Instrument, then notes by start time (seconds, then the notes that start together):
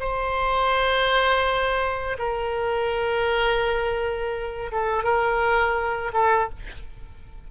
oboe
0.00 C5
2.18 A#4
4.72 A4
5.03 A#4
6.13 A4